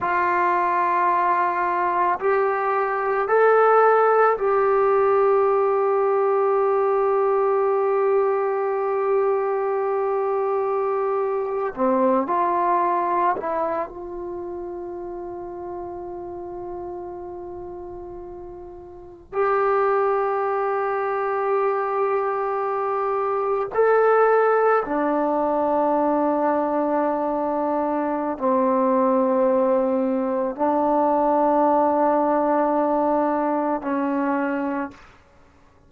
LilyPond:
\new Staff \with { instrumentName = "trombone" } { \time 4/4 \tempo 4 = 55 f'2 g'4 a'4 | g'1~ | g'2~ g'8. c'8 f'8.~ | f'16 e'8 f'2.~ f'16~ |
f'4.~ f'16 g'2~ g'16~ | g'4.~ g'16 a'4 d'4~ d'16~ | d'2 c'2 | d'2. cis'4 | }